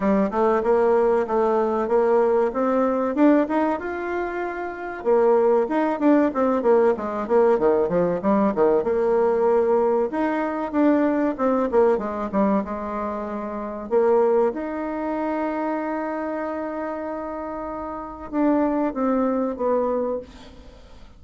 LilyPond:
\new Staff \with { instrumentName = "bassoon" } { \time 4/4 \tempo 4 = 95 g8 a8 ais4 a4 ais4 | c'4 d'8 dis'8 f'2 | ais4 dis'8 d'8 c'8 ais8 gis8 ais8 | dis8 f8 g8 dis8 ais2 |
dis'4 d'4 c'8 ais8 gis8 g8 | gis2 ais4 dis'4~ | dis'1~ | dis'4 d'4 c'4 b4 | }